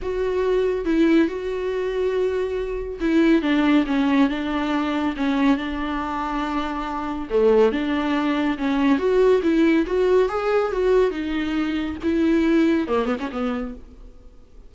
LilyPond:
\new Staff \with { instrumentName = "viola" } { \time 4/4 \tempo 4 = 140 fis'2 e'4 fis'4~ | fis'2. e'4 | d'4 cis'4 d'2 | cis'4 d'2.~ |
d'4 a4 d'2 | cis'4 fis'4 e'4 fis'4 | gis'4 fis'4 dis'2 | e'2 ais8 b16 cis'16 b4 | }